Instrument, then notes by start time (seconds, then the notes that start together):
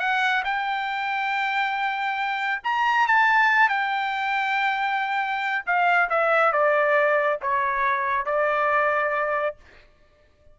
trumpet
0.00 F#5
0.45 G5
2.64 A#5
3.08 A5
3.69 G5
5.66 F5
6.10 E5
6.53 D5
7.42 C#5
8.26 D5